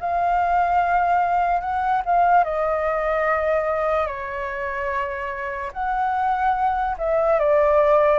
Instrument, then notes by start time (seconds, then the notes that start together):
flute
0.00 F5
1.61 F#5
2.05 F5
2.44 D#5
4.07 C#5
5.73 F#5
6.98 E5
7.39 D5